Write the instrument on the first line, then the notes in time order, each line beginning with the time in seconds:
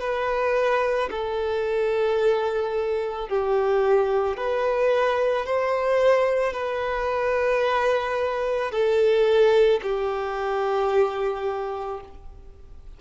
violin
0.00 B4
1.10 A4
3.28 G4
4.36 B4
5.45 C5
6.53 B4
8.71 A4
9.82 G4